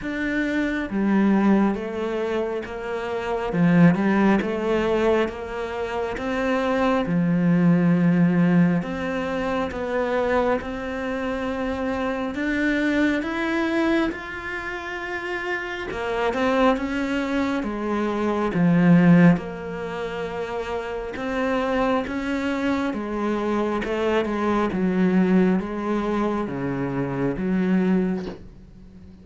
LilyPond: \new Staff \with { instrumentName = "cello" } { \time 4/4 \tempo 4 = 68 d'4 g4 a4 ais4 | f8 g8 a4 ais4 c'4 | f2 c'4 b4 | c'2 d'4 e'4 |
f'2 ais8 c'8 cis'4 | gis4 f4 ais2 | c'4 cis'4 gis4 a8 gis8 | fis4 gis4 cis4 fis4 | }